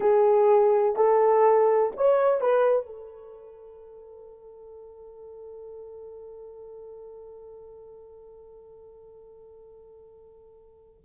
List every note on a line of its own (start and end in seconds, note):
0.00 0.96 G#4
0.96 1.92 A4
1.96 2.40 C#5
2.40 2.86 B4
2.86 11.02 A4